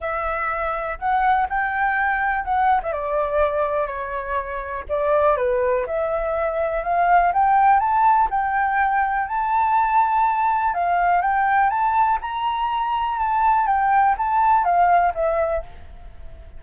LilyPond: \new Staff \with { instrumentName = "flute" } { \time 4/4 \tempo 4 = 123 e''2 fis''4 g''4~ | g''4 fis''8. e''16 d''2 | cis''2 d''4 b'4 | e''2 f''4 g''4 |
a''4 g''2 a''4~ | a''2 f''4 g''4 | a''4 ais''2 a''4 | g''4 a''4 f''4 e''4 | }